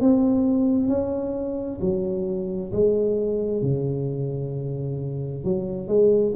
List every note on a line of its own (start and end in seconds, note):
0.00 0.88 C4
0.88 1.79 C#4
1.81 2.71 F#3
2.72 3.62 G#3
3.62 5.43 C#3
5.43 5.87 F#3
5.87 6.33 G#3